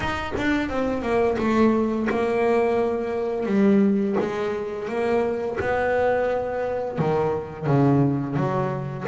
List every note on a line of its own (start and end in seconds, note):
0.00 0.32 D#4
0.37 0.69 D4
0.69 1.01 C4
1.01 1.36 A#3
1.38 2.07 A3
2.09 3.46 A#3
3.46 4.15 G3
4.20 4.88 G#3
4.88 5.58 A#3
5.60 6.98 B3
6.98 7.66 D#3
7.66 8.36 C#3
8.36 9.05 F#3